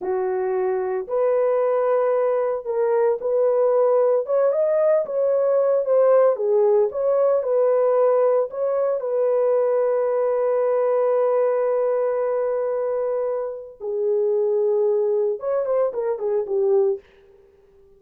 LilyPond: \new Staff \with { instrumentName = "horn" } { \time 4/4 \tempo 4 = 113 fis'2 b'2~ | b'4 ais'4 b'2 | cis''8 dis''4 cis''4. c''4 | gis'4 cis''4 b'2 |
cis''4 b'2.~ | b'1~ | b'2 gis'2~ | gis'4 cis''8 c''8 ais'8 gis'8 g'4 | }